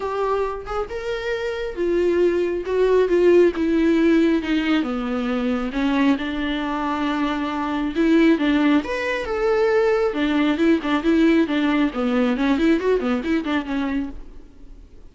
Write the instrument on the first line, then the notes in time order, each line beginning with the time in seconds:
viola
0.00 G4
0.65 G#4
0.89 A#4
1.75 F4
2.65 F#4
3.08 F4
3.56 E4
4.42 D#4
4.82 B3
5.72 C#4
6.18 D4
7.95 E4
8.38 D4
8.84 B4
9.25 A4
10.13 D4
10.57 E4
10.82 D4
11.03 E4
11.47 D4
11.93 B3
12.36 C#4
12.58 E4
12.79 F#4
12.99 B3
13.24 E4
13.44 D4
13.65 C#4